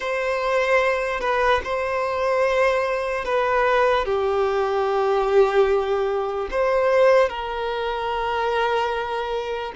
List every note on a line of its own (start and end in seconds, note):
0.00 1.20 C5
1.20 1.61 B4
1.64 3.24 C5
3.24 4.05 B4
4.05 6.48 G4
6.50 7.29 C5
7.29 9.72 A#4